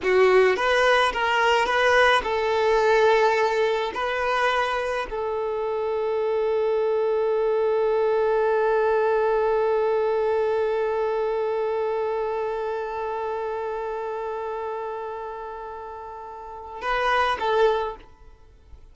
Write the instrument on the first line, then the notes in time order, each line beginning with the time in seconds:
violin
0.02 F#4
0.56 B4
1.12 A#4
1.65 B4
2.23 A4
3.94 B4
5.10 A4
16.81 B4
17.39 A4